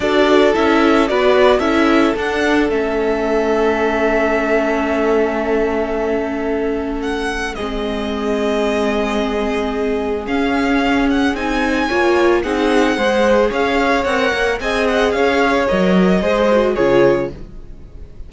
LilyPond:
<<
  \new Staff \with { instrumentName = "violin" } { \time 4/4 \tempo 4 = 111 d''4 e''4 d''4 e''4 | fis''4 e''2.~ | e''1~ | e''4 fis''4 dis''2~ |
dis''2. f''4~ | f''8 fis''8 gis''2 fis''4~ | fis''4 f''4 fis''4 gis''8 fis''8 | f''4 dis''2 cis''4 | }
  \new Staff \with { instrumentName = "violin" } { \time 4/4 a'2 b'4 a'4~ | a'1~ | a'1~ | a'2 gis'2~ |
gis'1~ | gis'2 cis''4 gis'4 | c''4 cis''2 dis''4 | cis''2 c''4 gis'4 | }
  \new Staff \with { instrumentName = "viola" } { \time 4/4 fis'4 e'4 fis'4 e'4 | d'4 cis'2.~ | cis'1~ | cis'2 c'2~ |
c'2. cis'4~ | cis'4 dis'4 f'4 dis'4 | gis'2 ais'4 gis'4~ | gis'4 ais'4 gis'8 fis'8 f'4 | }
  \new Staff \with { instrumentName = "cello" } { \time 4/4 d'4 cis'4 b4 cis'4 | d'4 a2.~ | a1~ | a2 gis2~ |
gis2. cis'4~ | cis'4 c'4 ais4 c'4 | gis4 cis'4 c'8 ais8 c'4 | cis'4 fis4 gis4 cis4 | }
>>